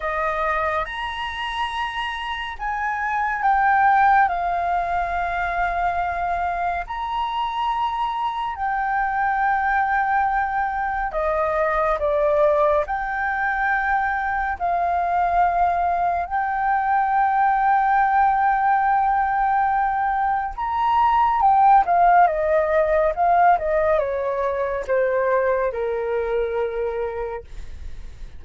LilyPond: \new Staff \with { instrumentName = "flute" } { \time 4/4 \tempo 4 = 70 dis''4 ais''2 gis''4 | g''4 f''2. | ais''2 g''2~ | g''4 dis''4 d''4 g''4~ |
g''4 f''2 g''4~ | g''1 | ais''4 g''8 f''8 dis''4 f''8 dis''8 | cis''4 c''4 ais'2 | }